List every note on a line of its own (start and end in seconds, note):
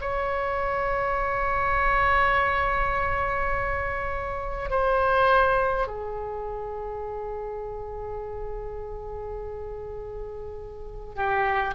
0.00 4.70 C#5
4.70 5.87 C5
5.87 11.15 G#4
11.15 11.74 G4